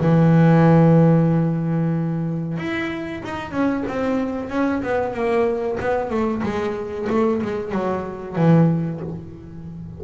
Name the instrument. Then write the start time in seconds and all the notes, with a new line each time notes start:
double bass
0.00 E3
2.58 E4
3.24 D#4
3.51 C#4
3.88 C4
4.50 C#4
4.82 B3
5.14 A#3
5.80 B3
6.10 A3
6.43 G#3
7.09 A3
7.42 G#3
7.72 F#3
8.36 E3